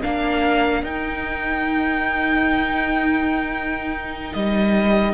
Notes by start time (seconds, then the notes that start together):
0.00 A#3 D4 A#4 F5
0.83 D#4 G5
4.34 G3 D#5